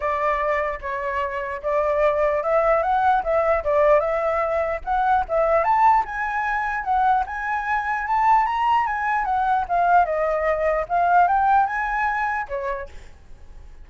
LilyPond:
\new Staff \with { instrumentName = "flute" } { \time 4/4 \tempo 4 = 149 d''2 cis''2 | d''2 e''4 fis''4 | e''4 d''4 e''2 | fis''4 e''4 a''4 gis''4~ |
gis''4 fis''4 gis''2 | a''4 ais''4 gis''4 fis''4 | f''4 dis''2 f''4 | g''4 gis''2 cis''4 | }